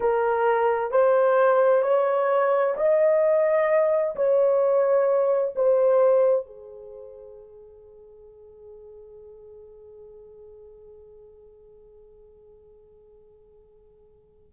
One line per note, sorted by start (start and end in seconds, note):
0.00 0.91 A#4
0.91 1.82 C5
1.82 2.74 C#5
2.77 4.15 D#5
4.15 5.54 C#5
5.55 6.46 C5
6.46 14.53 G#4